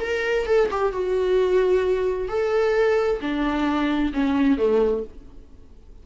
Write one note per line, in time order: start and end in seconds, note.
0.00 0.46 A#4
0.46 0.69 A4
0.71 0.92 G4
0.92 2.28 F#4
2.28 3.20 A4
3.21 4.12 D4
4.13 4.57 C#4
4.57 5.03 A3